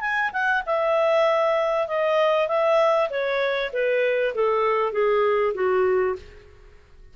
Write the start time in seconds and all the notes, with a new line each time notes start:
0.00 G#5
0.32 F#5
0.66 E5
1.87 D#5
2.48 E5
3.09 C#5
3.73 B4
4.35 A4
4.92 G#4
5.54 F#4